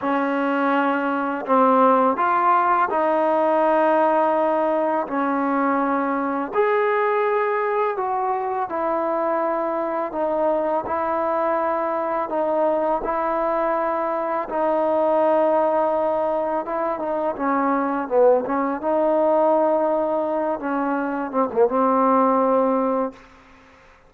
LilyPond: \new Staff \with { instrumentName = "trombone" } { \time 4/4 \tempo 4 = 83 cis'2 c'4 f'4 | dis'2. cis'4~ | cis'4 gis'2 fis'4 | e'2 dis'4 e'4~ |
e'4 dis'4 e'2 | dis'2. e'8 dis'8 | cis'4 b8 cis'8 dis'2~ | dis'8 cis'4 c'16 ais16 c'2 | }